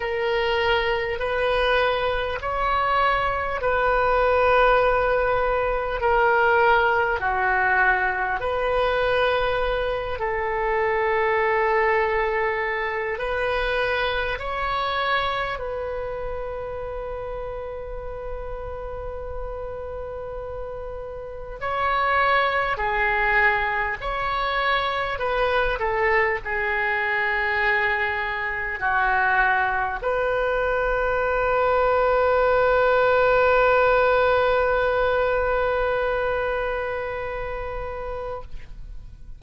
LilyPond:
\new Staff \with { instrumentName = "oboe" } { \time 4/4 \tempo 4 = 50 ais'4 b'4 cis''4 b'4~ | b'4 ais'4 fis'4 b'4~ | b'8 a'2~ a'8 b'4 | cis''4 b'2.~ |
b'2 cis''4 gis'4 | cis''4 b'8 a'8 gis'2 | fis'4 b'2.~ | b'1 | }